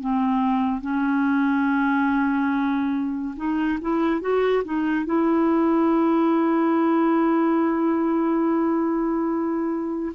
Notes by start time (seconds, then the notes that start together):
0.00 C4
0.81 C#4
3.36 D#4
3.81 E4
4.21 F#4
4.64 D#4
5.05 E4